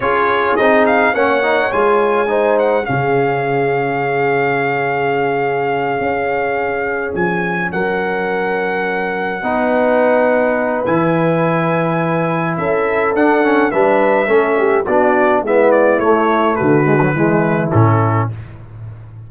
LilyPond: <<
  \new Staff \with { instrumentName = "trumpet" } { \time 4/4 \tempo 4 = 105 cis''4 dis''8 f''8 fis''4 gis''4~ | gis''8 fis''8 f''2.~ | f''1~ | f''8 gis''4 fis''2~ fis''8~ |
fis''2. gis''4~ | gis''2 e''4 fis''4 | e''2 d''4 e''8 d''8 | cis''4 b'2 a'4 | }
  \new Staff \with { instrumentName = "horn" } { \time 4/4 gis'2 cis''2 | c''4 gis'2.~ | gis'1~ | gis'4. ais'2~ ais'8~ |
ais'8 b'2.~ b'8~ | b'2 a'2 | b'4 a'8 g'8 fis'4 e'4~ | e'4 fis'4 e'2 | }
  \new Staff \with { instrumentName = "trombone" } { \time 4/4 f'4 dis'4 cis'8 dis'8 f'4 | dis'4 cis'2.~ | cis'1~ | cis'1~ |
cis'8 dis'2~ dis'8 e'4~ | e'2. d'8 cis'8 | d'4 cis'4 d'4 b4 | a4. gis16 fis16 gis4 cis'4 | }
  \new Staff \with { instrumentName = "tuba" } { \time 4/4 cis'4 c'4 ais4 gis4~ | gis4 cis2.~ | cis2~ cis8 cis'4.~ | cis'8 f4 fis2~ fis8~ |
fis8 b2~ b8 e4~ | e2 cis'4 d'4 | g4 a4 b4 gis4 | a4 d4 e4 a,4 | }
>>